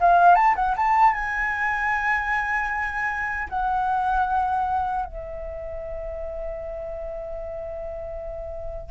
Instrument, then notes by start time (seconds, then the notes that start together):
flute
0.00 F5
0.35 A5
0.55 F#5
0.76 A5
1.14 G#5
3.49 F#5
5.05 E5